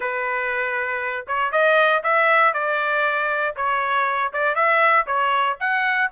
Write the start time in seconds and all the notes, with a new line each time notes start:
0.00 B4
1.27 C#5
1.51 D#5
2.03 E5
2.53 D5
3.56 C#5
4.32 D5
4.55 E5
5.06 C#5
5.60 F#5